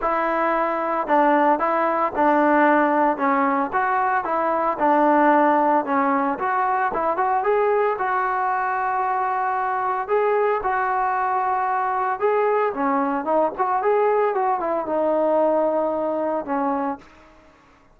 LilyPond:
\new Staff \with { instrumentName = "trombone" } { \time 4/4 \tempo 4 = 113 e'2 d'4 e'4 | d'2 cis'4 fis'4 | e'4 d'2 cis'4 | fis'4 e'8 fis'8 gis'4 fis'4~ |
fis'2. gis'4 | fis'2. gis'4 | cis'4 dis'8 fis'8 gis'4 fis'8 e'8 | dis'2. cis'4 | }